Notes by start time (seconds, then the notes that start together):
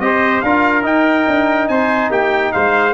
0.00 C4 G4 C5 D#5
0.41 D4 F4 A#4 F5
0.82 D#4 G5
1.28 D4
1.68 C4 C5 G#5
2.10 A#3 G4 G5
2.52 G#3 C5 F5